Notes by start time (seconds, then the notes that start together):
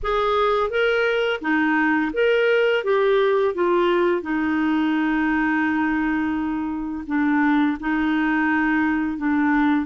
0.02 G#4
0.70 A#4
1.41 D#4
2.13 A#4
2.84 G4
3.54 F4
4.22 D#4
7.07 D4
7.79 D#4
9.17 D4